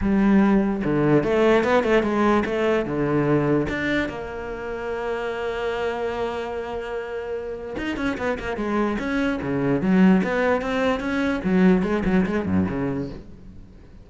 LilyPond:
\new Staff \with { instrumentName = "cello" } { \time 4/4 \tempo 4 = 147 g2 d4 a4 | b8 a8 gis4 a4 d4~ | d4 d'4 ais2~ | ais1~ |
ais2. dis'8 cis'8 | b8 ais8 gis4 cis'4 cis4 | fis4 b4 c'4 cis'4 | fis4 gis8 fis8 gis8 fis,8 cis4 | }